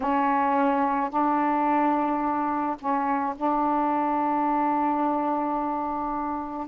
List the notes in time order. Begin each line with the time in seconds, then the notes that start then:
0.00 C#4
1.10 D4
2.79 C#4
3.36 D4